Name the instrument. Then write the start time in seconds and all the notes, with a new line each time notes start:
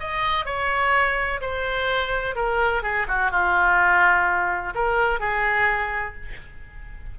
oboe
0.00 D#5
0.45 C#5
1.41 C5
2.36 A#4
2.83 G#4
3.08 F#4
3.31 F4
4.75 A#4
5.20 G#4